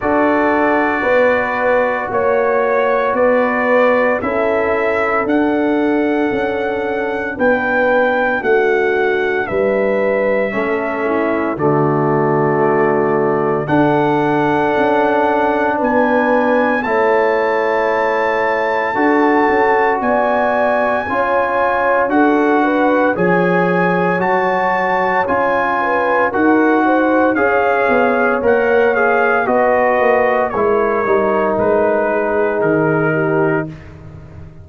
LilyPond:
<<
  \new Staff \with { instrumentName = "trumpet" } { \time 4/4 \tempo 4 = 57 d''2 cis''4 d''4 | e''4 fis''2 g''4 | fis''4 e''2 d''4~ | d''4 fis''2 gis''4 |
a''2. gis''4~ | gis''4 fis''4 gis''4 a''4 | gis''4 fis''4 f''4 fis''8 f''8 | dis''4 cis''4 b'4 ais'4 | }
  \new Staff \with { instrumentName = "horn" } { \time 4/4 a'4 b'4 cis''4 b'4 | a'2. b'4 | fis'4 b'4 a'8 e'8 fis'4~ | fis'4 a'2 b'4 |
cis''2 a'4 d''4 | cis''4 a'8 b'8 cis''2~ | cis''8 b'8 ais'8 c''8 cis''2 | b'4 ais'4. gis'4 g'8 | }
  \new Staff \with { instrumentName = "trombone" } { \time 4/4 fis'1 | e'4 d'2.~ | d'2 cis'4 a4~ | a4 d'2. |
e'2 fis'2 | f'4 fis'4 gis'4 fis'4 | f'4 fis'4 gis'4 ais'8 gis'8 | fis'4 e'8 dis'2~ dis'8 | }
  \new Staff \with { instrumentName = "tuba" } { \time 4/4 d'4 b4 ais4 b4 | cis'4 d'4 cis'4 b4 | a4 g4 a4 d4~ | d4 d'4 cis'4 b4 |
a2 d'8 cis'8 b4 | cis'4 d'4 f4 fis4 | cis'4 dis'4 cis'8 b8 ais4 | b8 ais8 gis8 g8 gis4 dis4 | }
>>